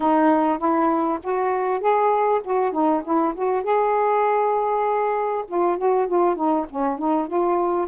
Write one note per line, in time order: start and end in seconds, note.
0.00 0.58 D#4
0.58 1.18 E4
1.23 1.80 F#4
1.80 2.41 G#4
2.44 2.72 F#4
2.72 3.02 D#4
3.03 3.34 E4
3.34 3.63 F#4
3.63 5.45 G#4
5.47 5.77 F4
5.77 6.07 F#4
6.07 6.35 F4
6.35 6.65 D#4
6.69 6.98 C#4
6.98 7.27 D#4
7.27 7.87 F4